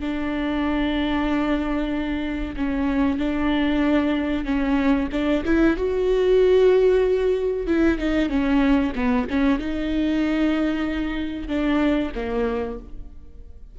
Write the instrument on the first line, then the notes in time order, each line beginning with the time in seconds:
viola
0.00 D4
2.56 C#4
3.19 D4
4.45 C#4
5.12 D4
5.45 E4
5.77 F#4
7.67 E4
7.98 D#4
8.29 C#4
8.95 B3
9.30 C#4
9.59 D#4
11.48 D4
12.15 A#3